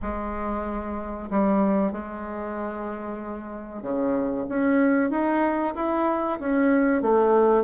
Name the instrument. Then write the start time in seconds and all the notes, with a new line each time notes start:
bassoon
0.02 G#3
1.30 G3
1.92 G#3
3.82 C#3
4.48 C#4
5.10 D#4
5.75 E4
6.39 C#4
7.02 A3